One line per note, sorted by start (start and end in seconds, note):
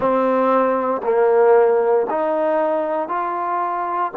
0.00 1.01 C4
1.03 2.06 A#3
2.09 3.08 D#4
3.08 4.11 F4